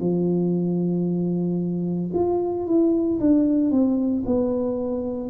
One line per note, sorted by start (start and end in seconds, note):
0.00 2.11 F3
2.14 2.67 F4
2.67 3.19 E4
3.20 3.71 D4
3.71 4.23 C4
4.25 5.30 B3